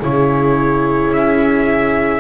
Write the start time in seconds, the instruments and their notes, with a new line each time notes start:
0.00 double bass C#3, viola E4, horn G#4, trumpet C#5
1.08 double bass C#4, trumpet E5